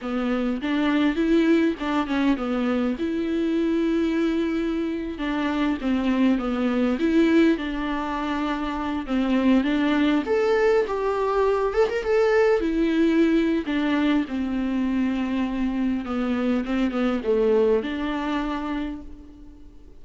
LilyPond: \new Staff \with { instrumentName = "viola" } { \time 4/4 \tempo 4 = 101 b4 d'4 e'4 d'8 cis'8 | b4 e'2.~ | e'8. d'4 c'4 b4 e'16~ | e'8. d'2~ d'8 c'8.~ |
c'16 d'4 a'4 g'4. a'16 | ais'16 a'4 e'4.~ e'16 d'4 | c'2. b4 | c'8 b8 a4 d'2 | }